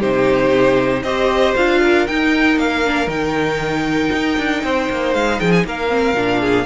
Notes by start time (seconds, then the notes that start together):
0.00 C3 D#4 G4 C5
1.03 C4 G4 C5 D#5
1.56 D4 F4 F5
1.82 A#4
2.07 D#4 G5
2.57 A#3 F5
2.86 D4
3.07 D#3 D#4 G5
4.13 D#4
4.38 D4
4.64 C4 C5
4.90 A#3
5.14 G#3 F5
5.40 F3 G#4 G5
5.52 G#5
5.64 A#3 A#4 F5
5.89 C4
6.15 A#2 D4
6.40 G#4